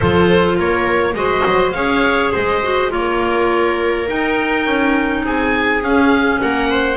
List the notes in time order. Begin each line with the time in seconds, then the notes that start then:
0.00 F3 F4 A4 C5
0.56 A#3 A#4 C#5
1.13 G#3 F#4 C5 D#5
1.46 F#3
1.71 C#4 G#4 C#5 F5
2.31 G#3 C5 D#5
2.62 F#4
2.89 A#3 F4 A#4 C#5
4.07 D#4 G5
4.66 C#4
5.24 C4 G#4 G#5
5.81 C#4 F5
6.41 A#3 A#4 F#5
6.70 C5